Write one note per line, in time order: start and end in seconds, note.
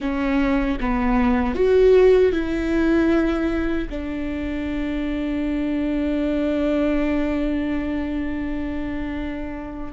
0.00 0.78 C#4
0.80 1.54 B3
1.54 2.32 F#4
2.32 3.88 E4
3.89 9.92 D4